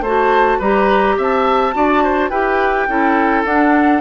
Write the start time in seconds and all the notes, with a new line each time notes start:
0.00 A3 F#4 C5 A5
0.59 G3 G4 B4 A#5
1.17 C4 E5 A5
1.73 D4 F#4 D5
2.03 C5
2.29 E4 G4 B4 G5
2.88 C#4 E4 A4
3.45 D4 F#5